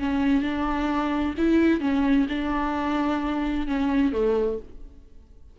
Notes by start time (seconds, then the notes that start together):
0.00 C#4
0.43 D4
1.38 E4
1.81 C#4
2.29 D4
3.68 C#4
4.13 A3